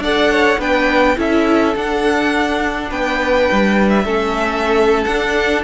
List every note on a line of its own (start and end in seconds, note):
0.00 0.58 D4
0.00 0.59 A4
0.00 0.32 D5
0.00 0.61 F#5
0.32 0.60 C#5
0.59 1.17 B3
0.59 1.17 D4
0.59 1.18 B4
0.59 1.19 G5
1.17 1.76 C#4
1.17 1.75 E4
1.17 2.90 A4
1.17 1.77 E5
1.76 2.91 D4
1.76 4.06 D4
1.76 2.92 F#5
2.90 3.49 B3
2.90 4.06 B4
2.90 3.90 G5
3.52 4.05 G3
3.90 5.05 E5
4.05 5.06 A3
4.05 5.07 C#4
4.05 5.64 A4
5.05 5.64 D4
5.05 5.62 F#5